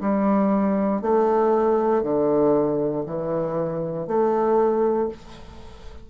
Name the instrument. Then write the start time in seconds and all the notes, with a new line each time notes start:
bassoon
0.00 G3
1.02 A3
2.02 D3
3.06 E3
4.07 A3